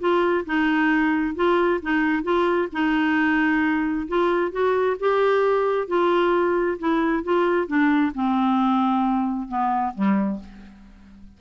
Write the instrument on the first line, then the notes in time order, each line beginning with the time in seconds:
clarinet
0.00 F4
0.46 D#4
1.36 F4
1.83 D#4
2.24 F4
2.73 D#4
4.08 F4
4.52 F#4
5.00 G4
5.88 F4
6.79 E4
7.24 F4
7.68 D4
8.15 C4
9.49 B3
9.95 G3